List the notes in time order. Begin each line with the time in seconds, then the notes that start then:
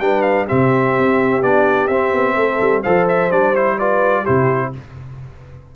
0.00 G3 D4 B4 G5
0.22 F5
0.46 C3 C4 G4 E5
0.99 C4
1.42 B3 D4 D5
1.88 C4 E5
2.13 B3
2.36 A3 A4
2.61 G3
2.83 F3 A4 C5 F5
3.09 E5
3.31 G3 D4 D5
3.55 E4 C5
3.79 F4 B4 D5
4.23 E4 G4 C5
4.29 C3